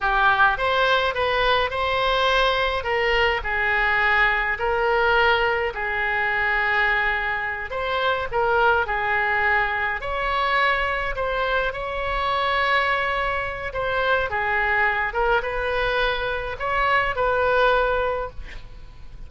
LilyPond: \new Staff \with { instrumentName = "oboe" } { \time 4/4 \tempo 4 = 105 g'4 c''4 b'4 c''4~ | c''4 ais'4 gis'2 | ais'2 gis'2~ | gis'4. c''4 ais'4 gis'8~ |
gis'4. cis''2 c''8~ | c''8 cis''2.~ cis''8 | c''4 gis'4. ais'8 b'4~ | b'4 cis''4 b'2 | }